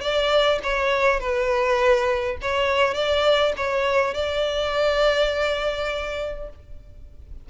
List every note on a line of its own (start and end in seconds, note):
0.00 0.59 D5
0.63 1.19 C#5
1.19 2.37 B4
2.41 2.94 C#5
2.94 3.52 D5
3.56 4.14 C#5
4.14 6.49 D5